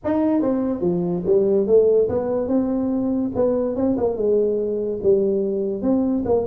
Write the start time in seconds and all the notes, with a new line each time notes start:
0.04 D#4
0.41 C4
0.80 F3
1.26 G3
1.66 A3
2.08 B3
2.47 C4
3.35 B3
3.75 C4
3.97 A#3
4.16 G#3
5.02 G3
5.82 C4
6.25 A#3